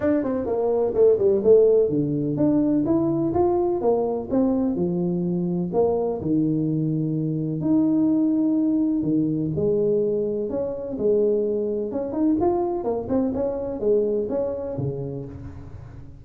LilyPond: \new Staff \with { instrumentName = "tuba" } { \time 4/4 \tempo 4 = 126 d'8 c'8 ais4 a8 g8 a4 | d4 d'4 e'4 f'4 | ais4 c'4 f2 | ais4 dis2. |
dis'2. dis4 | gis2 cis'4 gis4~ | gis4 cis'8 dis'8 f'4 ais8 c'8 | cis'4 gis4 cis'4 cis4 | }